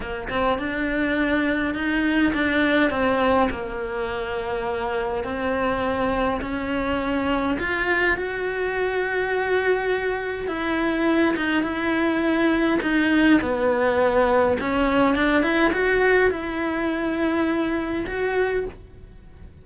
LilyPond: \new Staff \with { instrumentName = "cello" } { \time 4/4 \tempo 4 = 103 ais8 c'8 d'2 dis'4 | d'4 c'4 ais2~ | ais4 c'2 cis'4~ | cis'4 f'4 fis'2~ |
fis'2 e'4. dis'8 | e'2 dis'4 b4~ | b4 cis'4 d'8 e'8 fis'4 | e'2. fis'4 | }